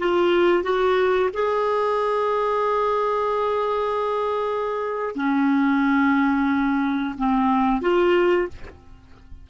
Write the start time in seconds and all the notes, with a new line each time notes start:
0.00 F4
0.64 F#4
1.34 G#4
5.16 C#4
7.18 C4
7.82 F4